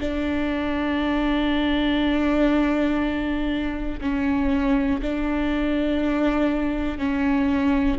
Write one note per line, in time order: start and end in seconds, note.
0.00 4.00 D4
4.01 5.01 C#4
5.02 6.98 D4
6.98 7.98 C#4